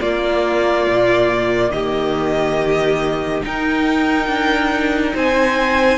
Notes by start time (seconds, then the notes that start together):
0.00 A#3 F4 D5
0.86 A#2
1.70 D#3 G4 D#5
3.42 D#4 A#4 G5
4.27 D4
5.14 C4 C5 G#5